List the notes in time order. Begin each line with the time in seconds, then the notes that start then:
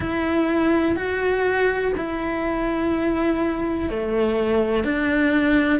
0.00 E4
0.95 F#4
1.97 E4
3.89 A3
4.83 D4